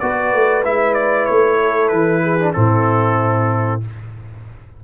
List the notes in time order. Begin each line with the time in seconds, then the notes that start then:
0.00 B3 F#4 B4 D5
0.34 A3
0.64 G#3 E4 E5
0.94 D5
1.26 A3 C#5
1.61 A4
1.88 E3 B4
2.24 G#4
2.40 D4
2.53 A2 C4 E4 A4